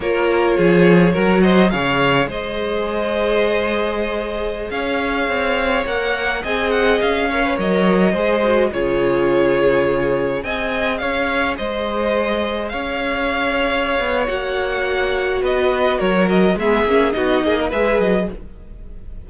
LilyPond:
<<
  \new Staff \with { instrumentName = "violin" } { \time 4/4 \tempo 4 = 105 cis''2~ cis''8 dis''8 f''4 | dis''1~ | dis''16 f''2 fis''4 gis''8 fis''16~ | fis''16 f''4 dis''2 cis''8.~ |
cis''2~ cis''16 gis''4 f''8.~ | f''16 dis''2 f''4.~ f''16~ | f''4 fis''2 dis''4 | cis''8 dis''8 e''4 dis''4 e''8 dis''8 | }
  \new Staff \with { instrumentName = "violin" } { \time 4/4 ais'4 gis'4 ais'8 c''8 cis''4 | c''1~ | c''16 cis''2. dis''8.~ | dis''8. cis''4. c''4 gis'8.~ |
gis'2~ gis'16 dis''4 cis''8.~ | cis''16 c''2 cis''4.~ cis''16~ | cis''2. b'4 | ais'4 gis'4 fis'8 gis'16 ais'16 b'4 | }
  \new Staff \with { instrumentName = "viola" } { \time 4/4 f'2 fis'4 gis'4~ | gis'1~ | gis'2~ gis'16 ais'4 gis'8.~ | gis'8. ais'16 b'16 ais'4 gis'8 fis'8 f'8.~ |
f'2~ f'16 gis'4.~ gis'16~ | gis'1~ | gis'4 fis'2.~ | fis'4 b8 cis'8 dis'4 gis'4 | }
  \new Staff \with { instrumentName = "cello" } { \time 4/4 ais4 f4 fis4 cis4 | gis1~ | gis16 cis'4 c'4 ais4 c'8.~ | c'16 cis'4 fis4 gis4 cis8.~ |
cis2~ cis16 c'4 cis'8.~ | cis'16 gis2 cis'4.~ cis'16~ | cis'8 b8 ais2 b4 | fis4 gis8 ais8 b8 ais8 gis8 fis8 | }
>>